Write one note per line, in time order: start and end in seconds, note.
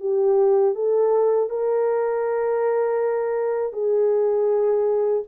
0.00 0.75 G4
0.75 1.50 A4
1.50 3.73 A#4
3.73 5.23 G#4